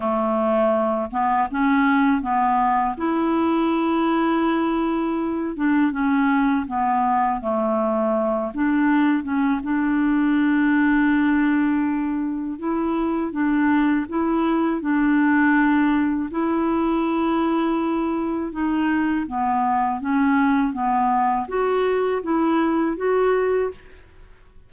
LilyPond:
\new Staff \with { instrumentName = "clarinet" } { \time 4/4 \tempo 4 = 81 a4. b8 cis'4 b4 | e'2.~ e'8 d'8 | cis'4 b4 a4. d'8~ | d'8 cis'8 d'2.~ |
d'4 e'4 d'4 e'4 | d'2 e'2~ | e'4 dis'4 b4 cis'4 | b4 fis'4 e'4 fis'4 | }